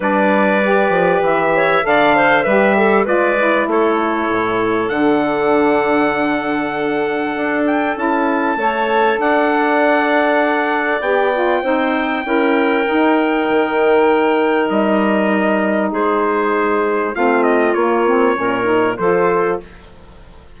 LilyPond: <<
  \new Staff \with { instrumentName = "trumpet" } { \time 4/4 \tempo 4 = 98 d''2 e''4 f''4 | e''4 d''4 cis''2 | fis''1~ | fis''8 g''8 a''2 fis''4~ |
fis''2 g''2~ | g''1 | dis''2 c''2 | f''8 dis''8 cis''2 c''4 | }
  \new Staff \with { instrumentName = "clarinet" } { \time 4/4 b'2~ b'8 cis''8 d''8 c''8 | b'8 a'8 b'4 a'2~ | a'1~ | a'2 cis''4 d''4~ |
d''2. c''4 | ais'1~ | ais'2 gis'2 | f'2 ais'4 a'4 | }
  \new Staff \with { instrumentName = "saxophone" } { \time 4/4 d'4 g'2 a'4 | g'4 f'8 e'2~ e'8 | d'1~ | d'4 e'4 a'2~ |
a'2 g'8 f'8 dis'4 | e'4 dis'2.~ | dis'1 | c'4 ais8 c'8 cis'8 dis'8 f'4 | }
  \new Staff \with { instrumentName = "bassoon" } { \time 4/4 g4. f8 e4 d4 | g4 gis4 a4 a,4 | d1 | d'4 cis'4 a4 d'4~ |
d'2 b4 c'4 | cis'4 dis'4 dis2 | g2 gis2 | a4 ais4 ais,4 f4 | }
>>